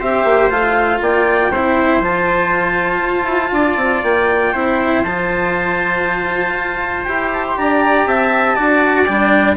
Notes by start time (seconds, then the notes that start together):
0.00 C4 G4 C5 E5
0.25 A#3
0.50 A3 F4 F5
1.01 A#3 D5 G5
1.52 C4 E4 C5
2.01 F3 F4 A5
3.02 F4
3.24 E4
3.52 D4 D5
3.77 C4
4.04 A#3 G5
4.54 C4 E4 C5
5.04 F3 F4 A5
6.54 F4
7.04 E4 G4 G5
7.33 A5
7.47 C6
7.58 D4 D5 A#5
8.07 C4 E5 A5
8.56 D4 F#4 D5
9.06 G3 D4 G5